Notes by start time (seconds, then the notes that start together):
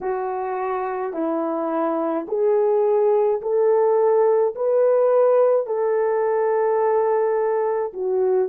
0.01 F#4
1.13 E4
2.27 G#4
3.41 A4
4.55 B4
5.66 A4
7.93 F#4